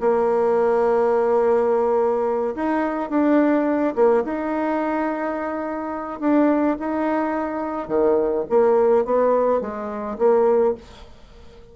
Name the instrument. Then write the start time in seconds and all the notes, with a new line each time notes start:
bassoon
0.00 A#3
2.55 D#4
3.09 D4
3.95 A#3
4.24 D#4
6.20 D4
6.79 D#4
7.88 D#3
8.49 A#3
9.05 B3
9.61 G#3
10.18 A#3